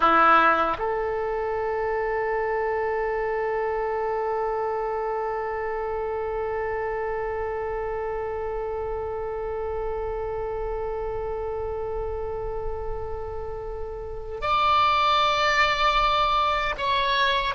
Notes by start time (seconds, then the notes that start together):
0.00 E4
0.78 A4
14.41 D5
16.77 C#5